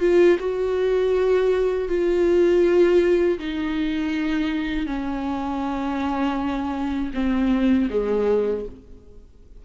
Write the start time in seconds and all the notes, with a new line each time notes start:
0.00 F4
0.39 F#4
1.89 F4
3.39 D#4
4.86 C#4
7.14 C4
7.90 G#3